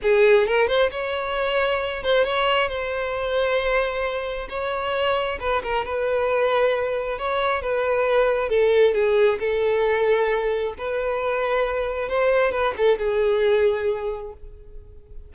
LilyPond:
\new Staff \with { instrumentName = "violin" } { \time 4/4 \tempo 4 = 134 gis'4 ais'8 c''8 cis''2~ | cis''8 c''8 cis''4 c''2~ | c''2 cis''2 | b'8 ais'8 b'2. |
cis''4 b'2 a'4 | gis'4 a'2. | b'2. c''4 | b'8 a'8 gis'2. | }